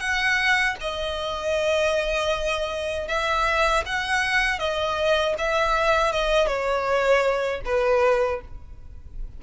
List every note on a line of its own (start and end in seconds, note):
0.00 0.76 F#5
0.80 3.08 D#5
3.08 3.84 E5
3.86 4.59 F#5
4.59 5.35 D#5
5.38 6.12 E5
6.12 6.47 D#5
6.47 7.61 C#5
7.65 8.41 B4